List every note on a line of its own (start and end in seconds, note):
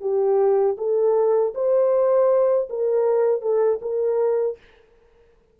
0.00 0.76 G4
0.77 1.53 A4
1.54 2.68 C5
2.69 3.41 A#4
3.41 3.79 A4
3.81 4.57 A#4